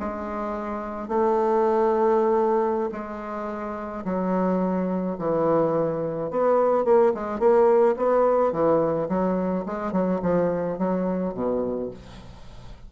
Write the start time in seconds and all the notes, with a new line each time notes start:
0.00 G#3
1.09 A3
2.92 G#3
4.05 F#3
5.19 E3
6.31 B3
6.85 A#3
7.15 G#3
7.40 A#3
7.97 B3
8.53 E3
9.09 F#3
9.66 G#3
9.93 F#3
10.23 F3
10.79 F#3
11.34 B2